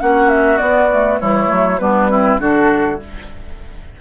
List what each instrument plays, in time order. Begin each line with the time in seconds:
0.00 bassoon A#3, clarinet C#4, oboe F#4, flute F#5
0.29 flute E5
0.58 clarinet B3, bassoon B3, flute D5
0.91 clarinet A3
1.20 bassoon E3, clarinet G3, oboe E4, flute C#5
1.46 bassoon F#3, clarinet A3
1.78 bassoon G3, clarinet B3, oboe D4, flute B4
2.09 clarinet C4, oboe E4
2.38 bassoon D3, clarinet D4, oboe F#4, flute A4